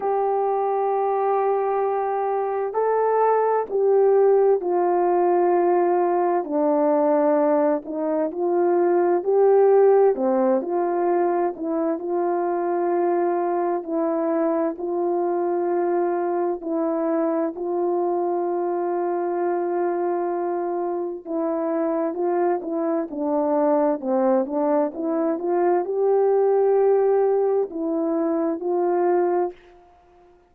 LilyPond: \new Staff \with { instrumentName = "horn" } { \time 4/4 \tempo 4 = 65 g'2. a'4 | g'4 f'2 d'4~ | d'8 dis'8 f'4 g'4 c'8 f'8~ | f'8 e'8 f'2 e'4 |
f'2 e'4 f'4~ | f'2. e'4 | f'8 e'8 d'4 c'8 d'8 e'8 f'8 | g'2 e'4 f'4 | }